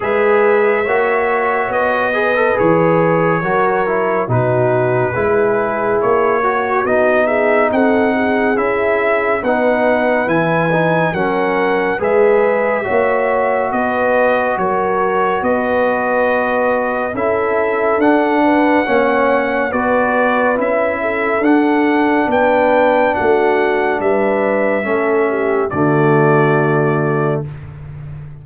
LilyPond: <<
  \new Staff \with { instrumentName = "trumpet" } { \time 4/4 \tempo 4 = 70 e''2 dis''4 cis''4~ | cis''4 b'2 cis''4 | dis''8 e''8 fis''4 e''4 fis''4 | gis''4 fis''4 e''2 |
dis''4 cis''4 dis''2 | e''4 fis''2 d''4 | e''4 fis''4 g''4 fis''4 | e''2 d''2 | }
  \new Staff \with { instrumentName = "horn" } { \time 4/4 b'4 cis''4. b'4. | ais'4 fis'4 gis'4. fis'8~ | fis'8 gis'8 a'8 gis'4. b'4~ | b'4 ais'4 b'4 cis''4 |
b'4 ais'4 b'2 | a'4. b'8 cis''4 b'4~ | b'8 a'4. b'4 fis'4 | b'4 a'8 g'8 fis'2 | }
  \new Staff \with { instrumentName = "trombone" } { \time 4/4 gis'4 fis'4. gis'16 a'16 gis'4 | fis'8 e'8 dis'4 e'4. fis'8 | dis'2 e'4 dis'4 | e'8 dis'8 cis'4 gis'4 fis'4~ |
fis'1 | e'4 d'4 cis'4 fis'4 | e'4 d'2.~ | d'4 cis'4 a2 | }
  \new Staff \with { instrumentName = "tuba" } { \time 4/4 gis4 ais4 b4 e4 | fis4 b,4 gis4 ais4 | b4 c'4 cis'4 b4 | e4 fis4 gis4 ais4 |
b4 fis4 b2 | cis'4 d'4 ais4 b4 | cis'4 d'4 b4 a4 | g4 a4 d2 | }
>>